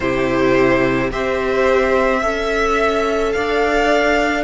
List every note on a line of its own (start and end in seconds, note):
0.00 1.11 C3
0.00 1.11 E4
0.00 1.12 G4
0.00 1.09 C5
1.11 2.23 C4
1.11 2.22 G4
1.11 2.19 C5
1.11 3.32 E5
2.19 3.34 C#4
2.19 4.44 A4
2.19 3.30 E5
3.32 4.44 D4
3.32 4.44 D5
3.32 4.43 F5